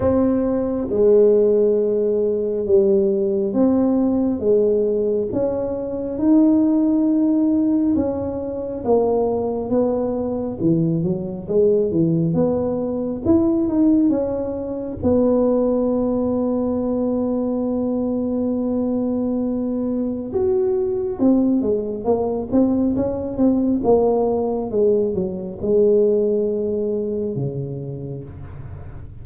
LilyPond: \new Staff \with { instrumentName = "tuba" } { \time 4/4 \tempo 4 = 68 c'4 gis2 g4 | c'4 gis4 cis'4 dis'4~ | dis'4 cis'4 ais4 b4 | e8 fis8 gis8 e8 b4 e'8 dis'8 |
cis'4 b2.~ | b2. fis'4 | c'8 gis8 ais8 c'8 cis'8 c'8 ais4 | gis8 fis8 gis2 cis4 | }